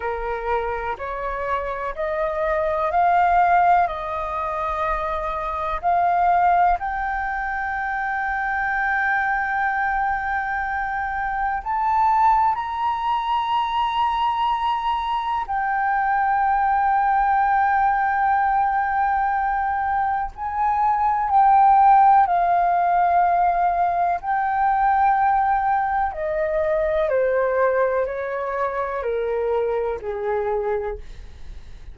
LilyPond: \new Staff \with { instrumentName = "flute" } { \time 4/4 \tempo 4 = 62 ais'4 cis''4 dis''4 f''4 | dis''2 f''4 g''4~ | g''1 | a''4 ais''2. |
g''1~ | g''4 gis''4 g''4 f''4~ | f''4 g''2 dis''4 | c''4 cis''4 ais'4 gis'4 | }